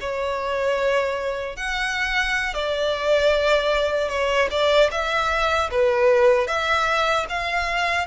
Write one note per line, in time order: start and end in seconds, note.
0.00 1.56 C#5
1.56 2.54 F#5
2.54 4.08 D5
4.08 4.48 C#5
4.50 4.90 D5
4.91 5.70 E5
5.70 6.47 B4
6.47 7.26 E5
7.29 8.06 F5